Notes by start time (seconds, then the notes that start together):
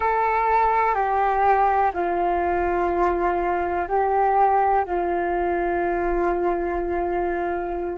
0.00 A4
0.94 G4
1.93 F4
3.88 G4
4.85 F4